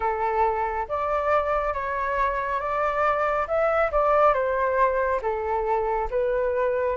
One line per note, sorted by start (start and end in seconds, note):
0.00 0.87 A4
0.88 1.73 D5
1.73 2.60 C#5
2.60 3.47 D5
3.47 3.91 E5
3.91 4.33 D5
4.33 5.20 C5
5.22 6.09 A4
6.10 6.96 B4